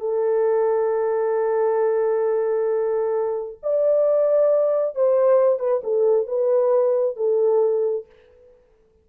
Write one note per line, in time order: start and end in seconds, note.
0.00 3.58 A4
3.63 4.95 D5
4.95 5.59 C5
5.59 5.82 B4
5.84 6.27 A4
6.27 7.16 B4
7.16 8.06 A4